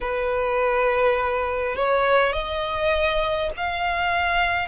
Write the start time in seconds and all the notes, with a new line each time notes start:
0.00 B4
1.75 C#5
2.32 D#5
3.56 F5